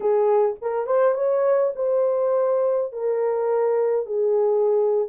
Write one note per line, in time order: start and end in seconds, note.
0.00 0.55 G#4
0.61 0.86 A#4
0.86 1.14 C5
1.14 1.72 C#5
1.75 2.92 C5
2.92 4.06 A#4
4.06 5.08 G#4